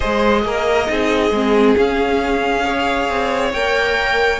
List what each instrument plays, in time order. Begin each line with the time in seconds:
0.00 cello G#3, viola G#4, violin C5 D#5
0.44 cello A#3, violin A#4
0.86 cello C4, viola D#4, violin G#4
1.31 cello G#3, viola C4
1.76 viola C#4, cello C#4, violin F5
2.63 viola G#4, violin C#5
3.09 cello C4
3.52 cello A#3, viola A#4, violin G5